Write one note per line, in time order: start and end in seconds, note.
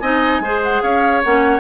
0.00 0.40 C4
0.00 0.43 D#4
0.00 0.42 D#5
0.00 0.61 G#5
0.40 0.81 G#3
0.40 1.24 G#4
0.40 0.83 C5
0.63 0.82 F#5
0.82 1.24 C#4
0.82 1.60 C#5
0.82 1.22 F5
1.23 1.60 A#3
1.23 1.60 C#4
1.23 1.60 F#5